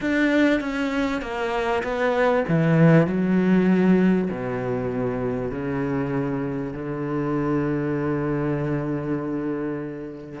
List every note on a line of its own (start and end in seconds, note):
0.00 0.60 D4
0.60 1.21 C#4
1.21 1.82 A#3
1.83 2.44 B3
2.48 3.06 E3
3.06 4.29 F#3
4.30 5.51 B2
5.51 6.73 C#3
6.73 10.40 D3